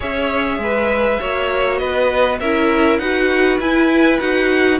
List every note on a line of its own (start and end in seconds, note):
0.00 0.58 C#4
0.00 1.19 G#4
0.00 0.59 C#5
0.00 1.77 E5
0.58 1.18 G#3
0.58 1.20 B4
1.19 1.81 A#3
1.19 2.39 F#4
1.19 1.79 C#5
1.77 2.40 B3
1.77 2.39 B4
1.77 2.37 D#5
2.40 2.98 C#4
2.40 3.01 E4
2.40 2.99 A#4
2.40 2.98 E5
2.98 3.58 D#4
2.98 3.61 F#4
2.98 4.79 B4
2.98 3.58 F#5
3.59 4.19 E4
3.59 4.20 E4
3.59 4.19 G#5
4.19 4.80 D#4
4.19 4.80 F#4
4.19 4.79 F#5